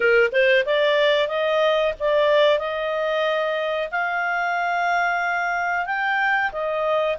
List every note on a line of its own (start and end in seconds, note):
0.00 0.30 A#4
0.31 0.64 C5
0.65 1.27 D5
1.27 1.93 D#5
1.99 2.58 D5
2.58 3.89 D#5
3.91 5.86 F5
5.86 6.51 G5
6.52 7.17 D#5